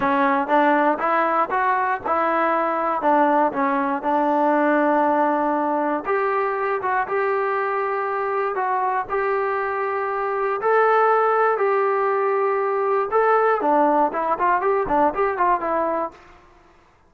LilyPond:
\new Staff \with { instrumentName = "trombone" } { \time 4/4 \tempo 4 = 119 cis'4 d'4 e'4 fis'4 | e'2 d'4 cis'4 | d'1 | g'4. fis'8 g'2~ |
g'4 fis'4 g'2~ | g'4 a'2 g'4~ | g'2 a'4 d'4 | e'8 f'8 g'8 d'8 g'8 f'8 e'4 | }